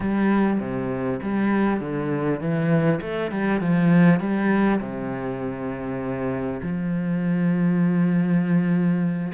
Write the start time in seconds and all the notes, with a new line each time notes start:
0.00 G3
0.60 C3
1.22 G3
1.80 D3
2.40 E3
3.01 A3
3.31 G3
3.60 F3
4.20 G3
4.80 C3
6.62 F3